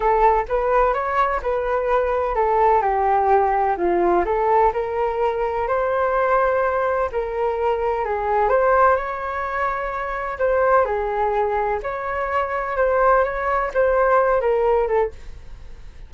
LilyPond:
\new Staff \with { instrumentName = "flute" } { \time 4/4 \tempo 4 = 127 a'4 b'4 cis''4 b'4~ | b'4 a'4 g'2 | f'4 a'4 ais'2 | c''2. ais'4~ |
ais'4 gis'4 c''4 cis''4~ | cis''2 c''4 gis'4~ | gis'4 cis''2 c''4 | cis''4 c''4. ais'4 a'8 | }